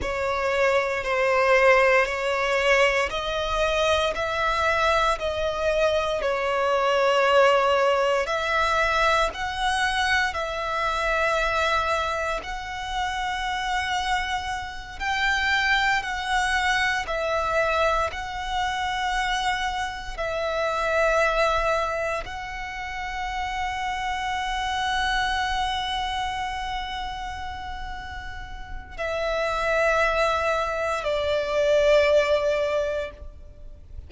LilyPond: \new Staff \with { instrumentName = "violin" } { \time 4/4 \tempo 4 = 58 cis''4 c''4 cis''4 dis''4 | e''4 dis''4 cis''2 | e''4 fis''4 e''2 | fis''2~ fis''8 g''4 fis''8~ |
fis''8 e''4 fis''2 e''8~ | e''4. fis''2~ fis''8~ | fis''1 | e''2 d''2 | }